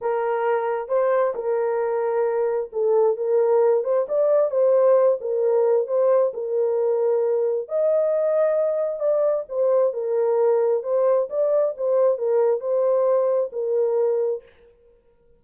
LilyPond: \new Staff \with { instrumentName = "horn" } { \time 4/4 \tempo 4 = 133 ais'2 c''4 ais'4~ | ais'2 a'4 ais'4~ | ais'8 c''8 d''4 c''4. ais'8~ | ais'4 c''4 ais'2~ |
ais'4 dis''2. | d''4 c''4 ais'2 | c''4 d''4 c''4 ais'4 | c''2 ais'2 | }